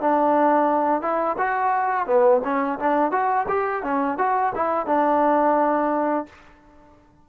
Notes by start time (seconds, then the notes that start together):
0.00 D4
1.01 E4
1.38 F#4
2.06 B3
2.44 C#4
2.79 D4
3.11 F#4
3.48 G4
3.83 C#4
4.18 F#4
4.55 E4
4.86 D4